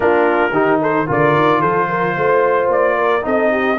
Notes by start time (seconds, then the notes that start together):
0.00 A#3 D4 F4 A#4
0.50 D#3 D#4 G4
0.81 A4 C5
1.06 D3 F4 A#4 D5
1.35 D#3
1.60 F3 A4 C5
1.89 A#4
2.16 A3 C5
2.68 A#3 D5
2.97 A#4
3.21 C4 D#4 A4 D#5
3.51 G4